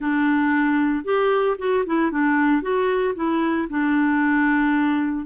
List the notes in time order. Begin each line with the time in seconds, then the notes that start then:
0.00 D4
1.04 G4
1.58 F#4
1.86 E4
2.11 D4
2.61 F#4
3.15 E4
3.69 D4